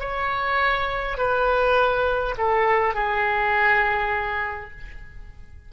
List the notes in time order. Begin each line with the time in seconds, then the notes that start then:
0.00 C#5
1.18 B4
2.37 A4
2.95 G#4